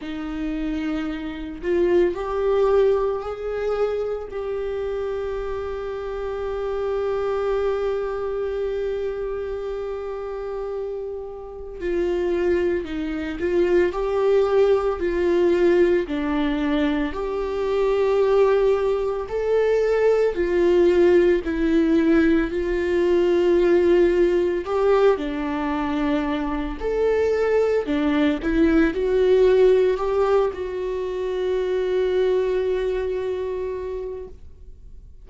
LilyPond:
\new Staff \with { instrumentName = "viola" } { \time 4/4 \tempo 4 = 56 dis'4. f'8 g'4 gis'4 | g'1~ | g'2. f'4 | dis'8 f'8 g'4 f'4 d'4 |
g'2 a'4 f'4 | e'4 f'2 g'8 d'8~ | d'4 a'4 d'8 e'8 fis'4 | g'8 fis'2.~ fis'8 | }